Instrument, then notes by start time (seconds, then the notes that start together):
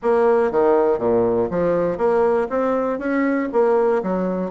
bassoon
0.02 A#3
0.51 D#3
0.99 A#2
1.50 F3
1.97 A#3
2.49 C4
2.98 C#4
3.52 A#3
4.02 F#3